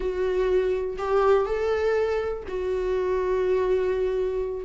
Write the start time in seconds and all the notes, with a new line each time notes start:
0.00 F#4
0.98 G4
1.45 A4
2.48 F#4